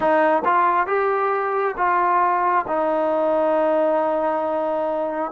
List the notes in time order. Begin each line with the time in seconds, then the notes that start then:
0.00 D#4
0.44 F4
0.86 G4
1.76 F4
2.67 D#4